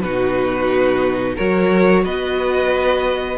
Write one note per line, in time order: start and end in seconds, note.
0.00 1.37 B2
0.00 1.37 D#4
0.00 1.36 F#4
0.00 1.35 B4
1.36 2.05 F#3
1.36 3.38 F#4
1.36 2.03 A#4
1.36 2.05 C#5
2.05 3.38 B3
2.05 3.38 B4
2.05 3.38 D#5